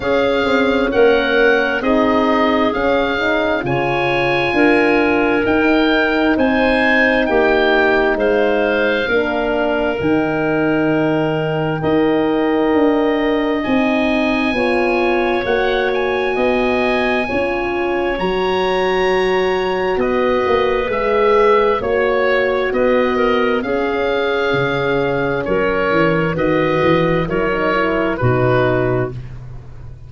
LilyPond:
<<
  \new Staff \with { instrumentName = "oboe" } { \time 4/4 \tempo 4 = 66 f''4 fis''4 dis''4 f''4 | gis''2 g''4 gis''4 | g''4 f''2 g''4~ | g''2. gis''4~ |
gis''4 fis''8 gis''2~ gis''8 | ais''2 dis''4 e''4 | cis''4 dis''4 f''2 | cis''4 dis''4 cis''4 b'4 | }
  \new Staff \with { instrumentName = "clarinet" } { \time 4/4 gis'4 ais'4 gis'2 | cis''4 ais'2 c''4 | g'4 c''4 ais'2~ | ais'4 dis''2. |
cis''2 dis''4 cis''4~ | cis''2 b'2 | cis''4 b'8 ais'8 gis'2 | ais'4 b'4 ais'4 fis'4 | }
  \new Staff \with { instrumentName = "horn" } { \time 4/4 cis'2 dis'4 cis'8 dis'8 | f'2 dis'2~ | dis'2 d'4 dis'4~ | dis'4 ais'2 dis'4 |
f'4 fis'2 f'4 | fis'2. gis'4 | fis'2 cis'2~ | cis'4 fis'4 e'16 dis'16 e'8 dis'4 | }
  \new Staff \with { instrumentName = "tuba" } { \time 4/4 cis'8 c'8 ais4 c'4 cis'4 | cis4 d'4 dis'4 c'4 | ais4 gis4 ais4 dis4~ | dis4 dis'4 d'4 c'4 |
b4 ais4 b4 cis'4 | fis2 b8 ais8 gis4 | ais4 b4 cis'4 cis4 | fis8 e8 dis8 e8 fis4 b,4 | }
>>